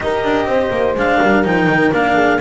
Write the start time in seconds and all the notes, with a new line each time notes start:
0.00 D#4 G4 A#4 D#5
0.23 D4
0.45 C4 C5
0.70 A#3
0.94 G#3 D4 F5
1.18 G3 A#4
1.43 F3 D#4 G5
1.66 D#3
1.91 A#3 D4 F5
2.14 G#4